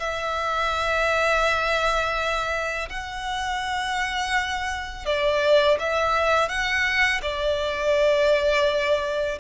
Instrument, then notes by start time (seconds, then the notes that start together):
violin
0.00 E5
2.89 F#5
5.06 D5
5.80 E5
6.49 F#5
7.22 D5